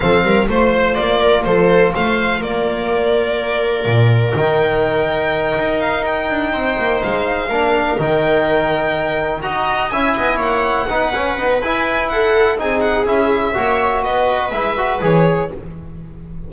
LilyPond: <<
  \new Staff \with { instrumentName = "violin" } { \time 4/4 \tempo 4 = 124 f''4 c''4 d''4 c''4 | f''4 d''2.~ | d''4 g''2. | f''8 g''2 f''4.~ |
f''8 g''2. ais''8~ | ais''8 gis''4 fis''2~ fis''8 | gis''4 fis''4 gis''8 fis''8 e''4~ | e''4 dis''4 e''4 cis''4 | }
  \new Staff \with { instrumentName = "viola" } { \time 4/4 a'8 ais'8 c''4. ais'8 a'4 | c''4 ais'2.~ | ais'1~ | ais'4. c''2 ais'8~ |
ais'2.~ ais'8 dis''8~ | dis''8 e''8 dis''8 cis''4 b'4.~ | b'4 a'4 gis'2 | cis''4 b'2. | }
  \new Staff \with { instrumentName = "trombone" } { \time 4/4 c'4 f'2.~ | f'1~ | f'4 dis'2.~ | dis'2.~ dis'8 d'8~ |
d'8 dis'2. fis'8~ | fis'8 e'2 dis'8 cis'8 b8 | e'2 dis'4 e'4 | fis'2 e'8 fis'8 gis'4 | }
  \new Staff \with { instrumentName = "double bass" } { \time 4/4 f8 g8 a4 ais4 f4 | a4 ais2. | ais,4 dis2~ dis8 dis'8~ | dis'4 d'8 c'8 ais8 gis4 ais8~ |
ais8 dis2. dis'8~ | dis'8 cis'8 b8 ais4 b8 cis'8 dis'8 | e'2 c'4 cis'4 | ais4 b4 gis4 e4 | }
>>